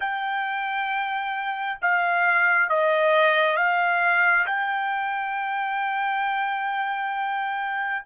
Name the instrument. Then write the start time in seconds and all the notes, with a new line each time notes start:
trumpet
0.00 G5
1.81 F5
2.69 D#5
3.56 F5
4.46 G5